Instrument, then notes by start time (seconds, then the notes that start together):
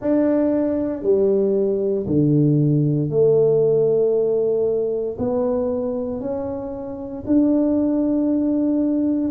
tuba
0.00 D4
1.02 G3
2.06 D3
3.10 A3
5.18 B3
6.20 C#4
7.26 D4